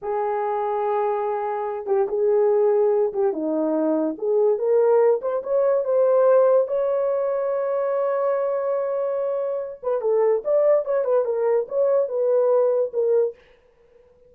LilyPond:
\new Staff \with { instrumentName = "horn" } { \time 4/4 \tempo 4 = 144 gis'1~ | gis'8 g'8 gis'2~ gis'8 g'8 | dis'2 gis'4 ais'4~ | ais'8 c''8 cis''4 c''2 |
cis''1~ | cis''2.~ cis''8 b'8 | a'4 d''4 cis''8 b'8 ais'4 | cis''4 b'2 ais'4 | }